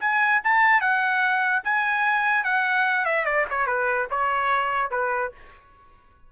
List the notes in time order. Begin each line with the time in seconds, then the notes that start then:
0.00 G#5
0.44 A5
0.81 F#5
1.64 G#5
2.44 F#5
3.05 E5
3.25 D5
3.50 C#5
3.67 B4
4.10 C#5
4.91 B4